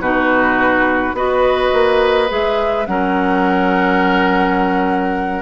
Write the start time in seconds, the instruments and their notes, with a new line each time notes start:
0.00 bassoon B2, clarinet D#4, oboe F#4, flute B4
1.13 bassoon B3, clarinet F#4, oboe B4, flute D#5
1.73 bassoon A#3
2.28 bassoon G#3, clarinet G#4, flute E5
2.86 bassoon F#3, clarinet C#4, oboe A#4, flute F#5